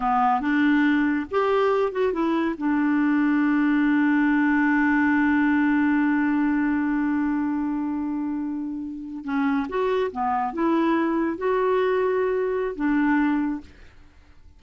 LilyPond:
\new Staff \with { instrumentName = "clarinet" } { \time 4/4 \tempo 4 = 141 b4 d'2 g'4~ | g'8 fis'8 e'4 d'2~ | d'1~ | d'1~ |
d'1~ | d'4.~ d'16 cis'4 fis'4 b16~ | b8. e'2 fis'4~ fis'16~ | fis'2 d'2 | }